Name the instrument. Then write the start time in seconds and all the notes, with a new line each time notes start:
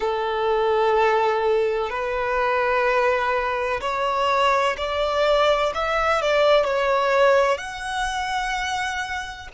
violin
0.00 A4
1.90 B4
3.81 C#5
4.77 D5
5.74 E5
6.21 D5
6.64 C#5
7.57 F#5